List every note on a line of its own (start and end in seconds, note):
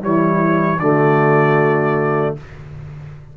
0.00 0.79 E3
0.00 0.78 G3
0.00 0.80 E4
0.00 0.80 C#5
0.79 2.34 D3
0.79 2.37 A3
0.79 2.36 F#4
0.79 2.35 D5